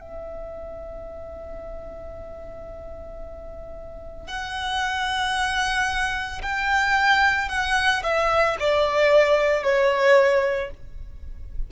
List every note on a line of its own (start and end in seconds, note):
0.00 4.27 E5
4.27 6.41 F#5
6.42 7.49 G5
7.49 8.03 F#5
8.03 8.57 E5
8.60 9.63 D5
9.63 10.70 C#5